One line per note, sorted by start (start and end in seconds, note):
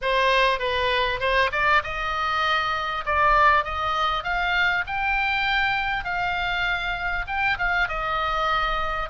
0.01 0.59 C5
0.59 1.20 B4
1.20 1.50 C5
1.52 1.82 D5
1.83 3.04 D#5
3.05 3.64 D5
3.64 4.23 D#5
4.23 4.84 F5
4.87 6.04 G5
6.04 7.25 F5
7.27 7.57 G5
7.58 7.88 F5
7.88 9.09 D#5